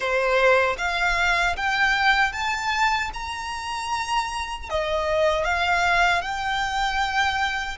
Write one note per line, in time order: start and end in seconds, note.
0.00 0.76 C5
0.78 1.55 F5
1.56 2.32 G5
2.32 3.10 A5
3.13 4.69 A#5
4.69 5.44 D#5
5.44 6.21 F5
6.21 7.77 G5